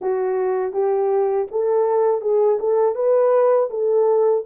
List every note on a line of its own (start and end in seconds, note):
0.01 0.72 F#4
0.72 1.46 G4
1.51 2.21 A4
2.21 2.58 G#4
2.59 2.95 A4
2.95 3.69 B4
3.70 4.44 A4